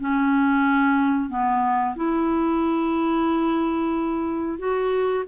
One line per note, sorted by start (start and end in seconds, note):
0.00 1.29 C#4
1.29 1.95 B3
1.96 4.58 E4
4.58 5.24 F#4